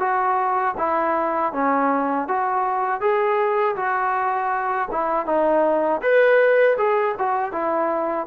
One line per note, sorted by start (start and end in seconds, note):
0.00 0.75 F#4
0.78 1.53 E4
1.53 2.28 C#4
2.28 3.01 F#4
3.01 3.76 G#4
3.76 4.89 F#4
4.92 5.26 E4
5.26 6.01 D#4
6.02 6.77 B4
6.78 7.15 G#4
7.19 7.52 F#4
7.52 8.27 E4